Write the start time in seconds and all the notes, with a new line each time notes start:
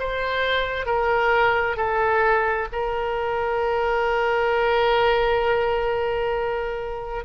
0.00 C5
0.86 A#4
1.77 A4
2.72 A#4